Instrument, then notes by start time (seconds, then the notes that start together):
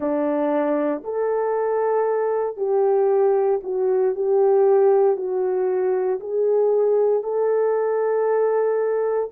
horn
0.00 D4
1.03 A4
2.56 G4
3.63 F#4
4.15 G4
5.16 F#4
6.20 G#4
7.23 A4